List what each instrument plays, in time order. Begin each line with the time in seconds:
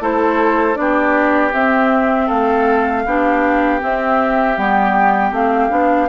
0.00 bassoon A3, clarinet E4, oboe A4, flute C5
0.75 bassoon B3, clarinet D4, oboe G4, flute D5
1.53 bassoon C4, clarinet C4, flute E5
2.27 bassoon A3, oboe A4, flute F5
3.06 bassoon B3, clarinet D4, oboe G4
3.80 clarinet C4, bassoon C4, flute E5
4.58 bassoon G3, clarinet B3, flute G5
5.32 bassoon A3, clarinet C4, flute F5
5.70 bassoon B3, clarinet D4